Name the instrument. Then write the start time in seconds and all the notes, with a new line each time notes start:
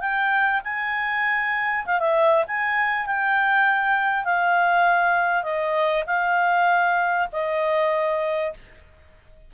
clarinet
0.00 G5
0.64 G#5
1.85 F5
1.99 E5
2.47 G#5
3.06 G5
4.25 F5
5.43 D#5
6.06 F5
7.32 D#5